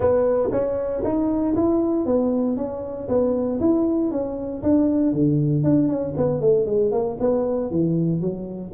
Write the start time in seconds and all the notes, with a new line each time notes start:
0.00 B3
0.51 C#4
1.04 D#4
1.55 E4
2.05 B3
2.56 C#4
3.08 B3
3.59 E4
4.11 C#4
4.62 D4
5.13 D3
5.63 D4
5.88 C#4
6.17 B3
6.41 A3
6.66 G#3
6.91 A#3
7.20 B3
7.70 E3
8.20 F#3